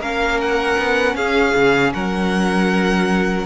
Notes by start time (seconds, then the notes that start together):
0.00 A#3 C#4 A#4 F5
0.41 F#5
0.78 B3
1.15 C#4 G#4 F5
1.55 C#3
1.94 F#3 A#4 F#5